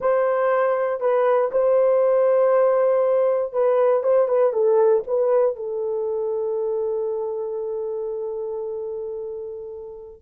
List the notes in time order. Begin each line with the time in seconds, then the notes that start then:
0.00 C5
1.00 B4
1.51 C5
3.52 B4
4.03 C5
4.28 B4
4.52 A4
5.07 B4
5.56 A4